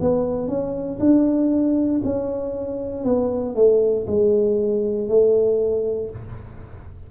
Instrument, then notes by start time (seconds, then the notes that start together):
tuba
0.00 B3
0.48 C#4
0.99 D4
2.04 C#4
3.04 B3
3.55 A3
4.06 G#3
5.08 A3